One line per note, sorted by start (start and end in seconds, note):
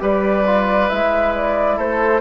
0.00 0.90 G3
0.00 0.44 G4
0.00 1.77 B4
0.00 0.89 D5
0.47 0.90 F4
0.89 1.78 G#3
0.89 2.21 E4
0.89 1.33 E5
1.35 1.79 D5
1.77 2.21 A3
1.77 2.21 A4
1.77 2.21 C5